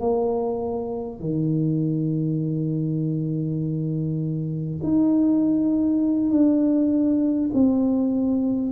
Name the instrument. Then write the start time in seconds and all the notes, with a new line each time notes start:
tuba
0.00 A#3
1.20 D#3
4.83 D#4
6.31 D4
7.54 C4